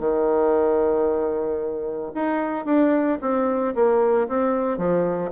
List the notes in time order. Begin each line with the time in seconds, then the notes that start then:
0.00 D#3
2.15 D#4
2.66 D4
3.22 C4
3.75 A#3
4.28 C4
4.78 F3